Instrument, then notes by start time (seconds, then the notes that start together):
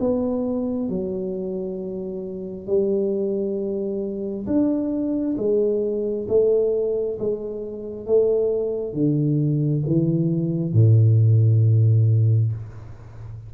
tuba
0.00 B3
0.89 F#3
2.67 G3
4.47 D4
5.38 G#3
6.28 A3
7.19 G#3
8.06 A3
8.94 D3
9.87 E3
10.73 A2